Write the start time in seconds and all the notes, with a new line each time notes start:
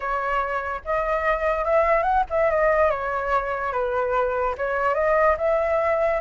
0.00 C#5
0.84 D#5
1.65 E5
2.02 F#5
2.30 E5
2.50 D#5
2.90 C#5
3.72 B4
4.57 C#5
4.94 D#5
5.37 E5